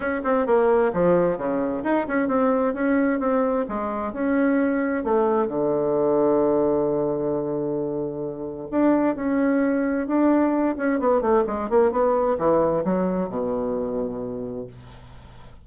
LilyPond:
\new Staff \with { instrumentName = "bassoon" } { \time 4/4 \tempo 4 = 131 cis'8 c'8 ais4 f4 cis4 | dis'8 cis'8 c'4 cis'4 c'4 | gis4 cis'2 a4 | d1~ |
d2. d'4 | cis'2 d'4. cis'8 | b8 a8 gis8 ais8 b4 e4 | fis4 b,2. | }